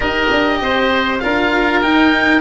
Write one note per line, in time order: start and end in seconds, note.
0.00 0.29 D#4
0.00 1.19 G4
0.00 0.58 A#4
0.00 1.19 D#5
0.31 0.61 D4
0.61 1.21 C4
0.61 1.23 C5
1.19 1.83 D4
1.19 1.82 F4
1.19 2.41 A#4
1.19 1.79 F5
1.81 2.41 D#4
1.81 2.41 G5